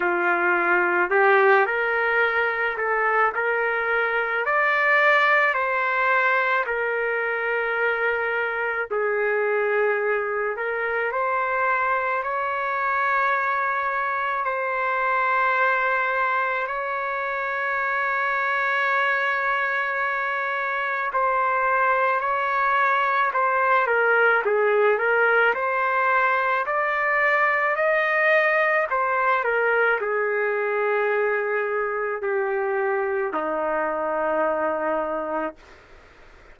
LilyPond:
\new Staff \with { instrumentName = "trumpet" } { \time 4/4 \tempo 4 = 54 f'4 g'8 ais'4 a'8 ais'4 | d''4 c''4 ais'2 | gis'4. ais'8 c''4 cis''4~ | cis''4 c''2 cis''4~ |
cis''2. c''4 | cis''4 c''8 ais'8 gis'8 ais'8 c''4 | d''4 dis''4 c''8 ais'8 gis'4~ | gis'4 g'4 dis'2 | }